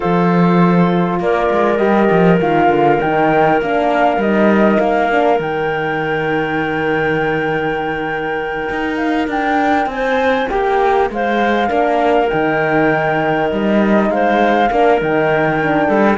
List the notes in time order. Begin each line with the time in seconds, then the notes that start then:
0.00 F3 F4 A4 C5
1.19 A#3 A#4 D5
1.50 G#3
1.77 G3 G4 D#5
2.11 F3
2.40 D#3 F4 F5
2.68 D3
3.00 D#3 D#4 G5
3.61 A#3 D4 F5
4.17 G3 D#4 D#5
4.78 A#3 F5
5.11 D4
5.39 D#3 D#4 G5
8.69 D#4
8.96 F5
9.27 D4 G5
9.86 C4 G#5
9.92 C5
10.49 A#3 G4 G5
11.10 G#3 C5 F5
11.68 A#3 D4 A#4
12.29 D#3 D#4 G5
13.51 G3 D#5
14.10 G#3 C5 F5
14.71 A#3 D4 A#4
15.00 D#3 D#4 G5
15.61 D4
15.87 G3 A4